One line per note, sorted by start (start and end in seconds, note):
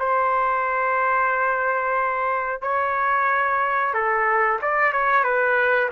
0.00 2.62 C5
2.62 3.94 C#5
3.94 4.60 A4
4.62 4.93 D5
4.93 5.24 C#5
5.24 5.90 B4